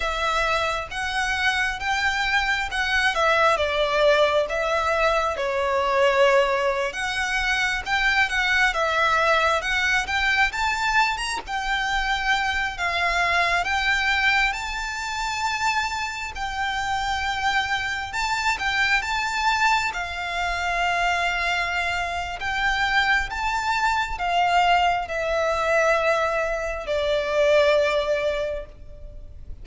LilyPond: \new Staff \with { instrumentName = "violin" } { \time 4/4 \tempo 4 = 67 e''4 fis''4 g''4 fis''8 e''8 | d''4 e''4 cis''4.~ cis''16 fis''16~ | fis''8. g''8 fis''8 e''4 fis''8 g''8 a''16~ | a''8 ais''16 g''4. f''4 g''8.~ |
g''16 a''2 g''4.~ g''16~ | g''16 a''8 g''8 a''4 f''4.~ f''16~ | f''4 g''4 a''4 f''4 | e''2 d''2 | }